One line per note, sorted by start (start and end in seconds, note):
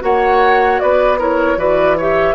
0.00 0.81 A#3
0.00 1.17 F#4
0.00 0.82 C#5
0.00 0.79 F#5
0.79 1.57 B3
0.79 1.19 B4
0.79 1.18 D5
1.19 1.57 E4
1.19 1.57 A#4
1.19 1.59 C#5
1.57 2.35 E3
1.57 1.96 F#4
1.57 1.97 B4
1.57 1.98 D5
1.97 2.35 G4
1.97 2.35 C#5
1.97 2.35 E5